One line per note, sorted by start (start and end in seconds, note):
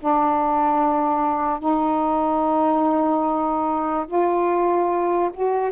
0.00 1.60 D4
1.60 4.06 D#4
4.08 5.31 F4
5.34 5.72 F#4